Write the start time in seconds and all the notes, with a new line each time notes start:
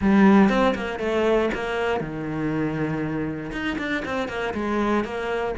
0.01 G3
0.49 C4
0.74 A#3
0.99 A3
1.54 A#3
2.00 D#3
3.52 D#4
3.78 D4
4.05 C4
4.28 A#3
4.54 G#3
5.04 A#3